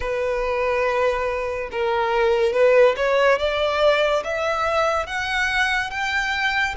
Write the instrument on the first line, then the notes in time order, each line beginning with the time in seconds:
violin
0.00 B4
1.71 A#4
2.52 B4
2.96 C#5
3.38 D5
4.23 E5
5.06 F#5
5.90 G5